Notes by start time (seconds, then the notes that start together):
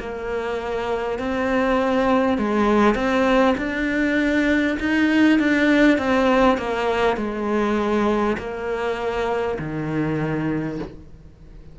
0.00 A#3
1.19 C4
2.39 G#3
2.96 C4
3.58 D4
4.80 D#4
5.39 D4
5.99 C4
6.58 A#3
7.17 G#3
8.38 A#3
9.59 D#3